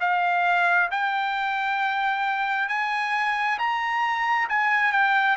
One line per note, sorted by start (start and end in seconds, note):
0.00 0.90 F5
0.91 2.68 G5
2.68 3.58 G#5
3.58 4.48 A#5
4.49 4.92 G#5
4.92 5.37 G5